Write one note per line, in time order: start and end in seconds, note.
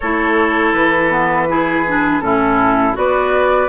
0.00 0.73 A3
0.00 1.10 E4
0.00 1.48 A4
0.00 0.72 C#5
0.72 2.21 E3
0.72 2.20 B4
1.10 1.47 B3
1.48 1.85 E4
1.48 2.23 G#4
1.87 2.21 D4
2.21 2.95 A2
2.21 2.93 C#4
2.21 2.97 E4
2.21 2.95 A4
2.93 3.68 B3
2.93 3.67 F#4
2.93 3.68 B4
2.93 3.68 D5